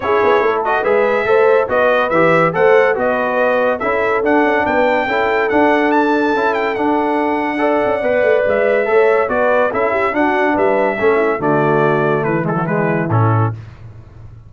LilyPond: <<
  \new Staff \with { instrumentName = "trumpet" } { \time 4/4 \tempo 4 = 142 cis''4. dis''8 e''2 | dis''4 e''4 fis''4 dis''4~ | dis''4 e''4 fis''4 g''4~ | g''4 fis''4 a''4. g''8 |
fis''1 | e''2 d''4 e''4 | fis''4 e''2 d''4~ | d''4 b'8 a'8 b'4 a'4 | }
  \new Staff \with { instrumentName = "horn" } { \time 4/4 gis'4 a'4 b'4 c''4 | b'2 c''4 b'4~ | b'4 a'2 b'4 | a'1~ |
a'2 d''2~ | d''4 cis''4 b'4 a'8 g'8 | fis'4 b'4 a'8 e'8 fis'4~ | fis'4 e'2. | }
  \new Staff \with { instrumentName = "trombone" } { \time 4/4 e'4. fis'8 gis'4 a'4 | fis'4 g'4 a'4 fis'4~ | fis'4 e'4 d'2 | e'4 d'2 e'4 |
d'2 a'4 b'4~ | b'4 a'4 fis'4 e'4 | d'2 cis'4 a4~ | a4. gis16 fis16 gis4 cis'4 | }
  \new Staff \with { instrumentName = "tuba" } { \time 4/4 cis'8 b8 a4 gis4 a4 | b4 e4 a4 b4~ | b4 cis'4 d'8 cis'8 b4 | cis'4 d'2 cis'4 |
d'2~ d'8 cis'8 b8 a8 | gis4 a4 b4 cis'4 | d'4 g4 a4 d4~ | d4 e2 a,4 | }
>>